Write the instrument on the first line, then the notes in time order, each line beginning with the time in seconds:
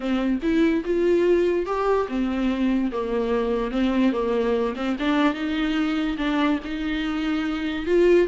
viola
0.00 C4
0.42 E4
0.85 F4
1.66 G4
2.08 C4
2.91 A#3
3.71 C4
4.12 A#3
4.76 C4
4.99 D4
5.34 D#4
6.17 D4
6.64 D#4
7.86 F4